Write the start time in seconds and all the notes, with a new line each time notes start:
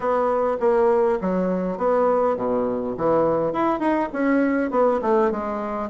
0.00 B3
0.60 A#3
1.21 F#3
1.77 B3
2.36 B2
2.97 E3
3.52 E4
3.79 D#4
4.13 C#4
4.71 B3
5.01 A3
5.31 G#3